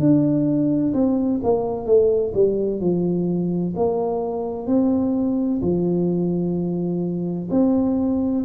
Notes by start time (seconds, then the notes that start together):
0.00 D4
0.94 C4
1.44 A#3
1.86 A3
2.34 G3
2.81 F3
3.76 A#3
4.67 C4
5.62 F3
7.51 C4